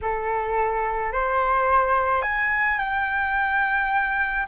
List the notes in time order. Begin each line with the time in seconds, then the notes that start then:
0.01 A4
1.12 C5
2.22 G#5
2.78 G5